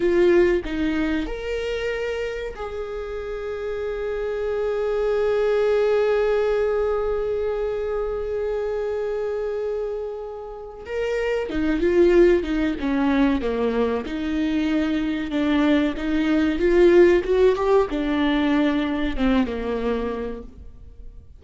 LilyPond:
\new Staff \with { instrumentName = "viola" } { \time 4/4 \tempo 4 = 94 f'4 dis'4 ais'2 | gis'1~ | gis'1~ | gis'1~ |
gis'4 ais'4 dis'8 f'4 dis'8 | cis'4 ais4 dis'2 | d'4 dis'4 f'4 fis'8 g'8 | d'2 c'8 ais4. | }